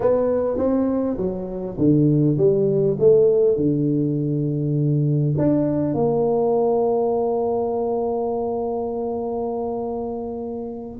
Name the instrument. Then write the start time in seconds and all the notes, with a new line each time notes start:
tuba
0.00 B3
0.57 C4
1.17 F#3
1.77 D3
2.37 G3
2.99 A3
3.56 D3
5.37 D4
5.94 A#3